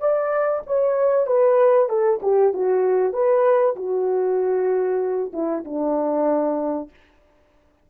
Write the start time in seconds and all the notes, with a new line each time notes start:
0.00 D5
0.67 C#5
1.27 B4
1.89 A4
2.22 G4
2.53 F#4
3.13 B4
3.76 F#4
5.33 E4
5.65 D4